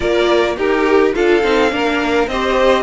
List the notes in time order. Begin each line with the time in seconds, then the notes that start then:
0.00 A#3 F4 A#4 D5
0.56 D#4 G4 A#4
1.13 D4 F4 A4 F5
1.43 C4 D#4
1.70 A#3 D4 A#4
2.27 C4 G4 C5 D#5